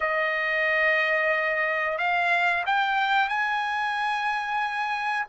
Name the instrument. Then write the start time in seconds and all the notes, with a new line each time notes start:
trumpet
0.00 D#5
1.98 F5
2.66 G5
3.28 G#5